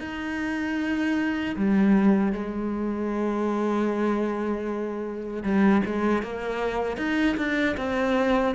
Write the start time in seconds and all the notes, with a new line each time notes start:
0.00 D#4
1.57 G3
2.33 G#3
5.43 G3
5.86 G#3
6.23 A#3
6.97 D#4
7.37 D4
7.77 C4